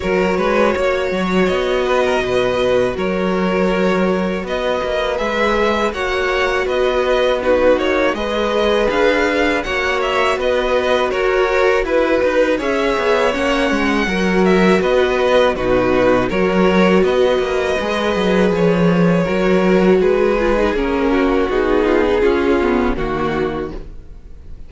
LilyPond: <<
  \new Staff \with { instrumentName = "violin" } { \time 4/4 \tempo 4 = 81 cis''2 dis''2 | cis''2 dis''4 e''4 | fis''4 dis''4 b'8 cis''8 dis''4 | f''4 fis''8 e''8 dis''4 cis''4 |
b'4 e''4 fis''4. e''8 | dis''4 b'4 cis''4 dis''4~ | dis''4 cis''2 b'4 | ais'4 gis'2 fis'4 | }
  \new Staff \with { instrumentName = "violin" } { \time 4/4 ais'8 b'8 cis''4. b'16 ais'16 b'4 | ais'2 b'2 | cis''4 b'4 fis'4 b'4~ | b'4 cis''4 b'4 ais'4 |
b'4 cis''2 ais'4 | b'4 fis'4 ais'4 b'4~ | b'2 ais'4 gis'4~ | gis'8 fis'4 f'16 dis'16 f'4 fis'4 | }
  \new Staff \with { instrumentName = "viola" } { \time 4/4 fis'1~ | fis'2. gis'4 | fis'2 dis'4 gis'4~ | gis'4 fis'2.~ |
fis'4 gis'4 cis'4 fis'4~ | fis'4 dis'4 fis'2 | gis'2 fis'4. f'16 dis'16 | cis'4 dis'4 cis'8 b8 ais4 | }
  \new Staff \with { instrumentName = "cello" } { \time 4/4 fis8 gis8 ais8 fis8 b4 b,4 | fis2 b8 ais8 gis4 | ais4 b4. ais8 gis4 | d'4 ais4 b4 fis'4 |
e'8 dis'8 cis'8 b8 ais8 gis8 fis4 | b4 b,4 fis4 b8 ais8 | gis8 fis8 f4 fis4 gis4 | ais4 b4 cis'4 dis4 | }
>>